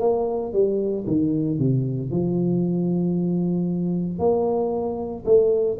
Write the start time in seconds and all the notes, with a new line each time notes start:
0.00 A#3
0.53 G3
1.07 D#3
1.58 C3
2.11 F3
4.19 A#3
5.25 A3